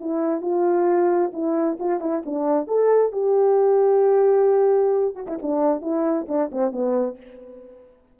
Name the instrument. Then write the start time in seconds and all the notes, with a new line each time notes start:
horn
0.00 E4
0.41 F4
1.33 E4
1.79 F4
2.00 E4
2.25 D4
2.67 A4
3.12 G4
5.15 F#4
5.27 E4
5.42 D4
5.81 E4
6.28 D4
6.52 C4
6.72 B3